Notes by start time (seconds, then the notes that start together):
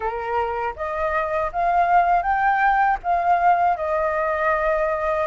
0.00 A#4
0.76 D#5
1.52 F5
2.22 G5
3.03 F5
3.76 D#5